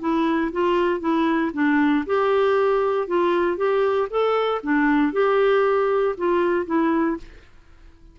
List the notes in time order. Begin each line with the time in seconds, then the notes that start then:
0.00 E4
0.52 F4
1.00 E4
1.54 D4
2.06 G4
3.07 F4
3.57 G4
4.10 A4
4.63 D4
5.13 G4
6.17 F4
6.66 E4